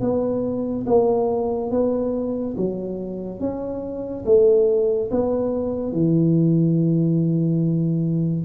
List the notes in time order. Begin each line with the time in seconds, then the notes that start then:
0.00 B3
0.86 A#3
1.71 B3
2.56 F#3
3.40 C#4
4.25 A3
5.10 B3
5.92 E3